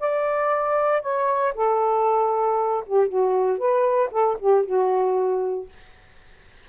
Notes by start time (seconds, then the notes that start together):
0.00 D5
1.02 C#5
1.55 A4
2.87 G4
3.08 F#4
3.58 B4
4.11 A4
4.40 G4
4.66 F#4